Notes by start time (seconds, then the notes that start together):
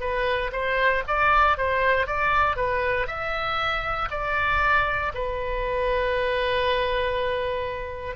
0.00 B4
0.52 C5
1.07 D5
1.57 C5
2.06 D5
2.56 B4
3.06 E5
4.10 D5
5.14 B4